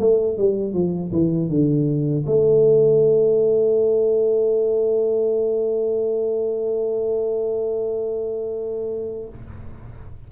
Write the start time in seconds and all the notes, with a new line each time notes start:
0.00 A3
0.38 G3
0.74 F3
1.13 E3
1.49 D3
2.26 A3